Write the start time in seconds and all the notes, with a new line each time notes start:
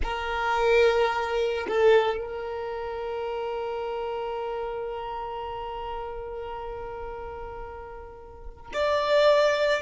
0.03 A#4
1.68 A4
2.17 A#4
8.73 D5